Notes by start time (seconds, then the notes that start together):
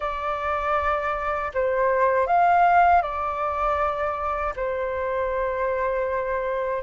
0.00 D5
1.54 C5
2.26 F5
3.02 D5
4.56 C5